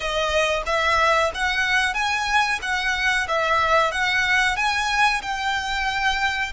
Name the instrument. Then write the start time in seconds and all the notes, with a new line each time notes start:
violin
0.00 D#5
0.66 E5
1.34 F#5
1.94 G#5
2.61 F#5
3.28 E5
3.91 F#5
4.56 G#5
5.22 G5